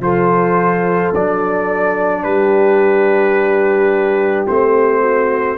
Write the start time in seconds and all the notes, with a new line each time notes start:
0.00 F3 F4 A4 C5
1.13 F#3 D4 D5
2.23 G3 G4 B4
4.47 A3 C4 C5
5.01 F#4